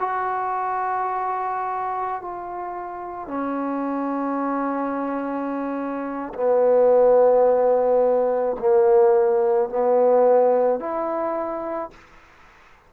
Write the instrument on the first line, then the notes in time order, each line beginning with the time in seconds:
trombone
0.00 F#4
2.22 F4
3.28 C#4
6.34 B3
8.60 A#3
9.70 B3
10.80 E4